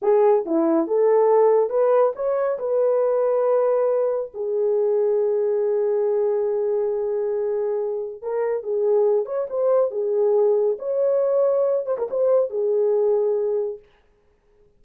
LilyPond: \new Staff \with { instrumentName = "horn" } { \time 4/4 \tempo 4 = 139 gis'4 e'4 a'2 | b'4 cis''4 b'2~ | b'2 gis'2~ | gis'1~ |
gis'2. ais'4 | gis'4. cis''8 c''4 gis'4~ | gis'4 cis''2~ cis''8 c''16 ais'16 | c''4 gis'2. | }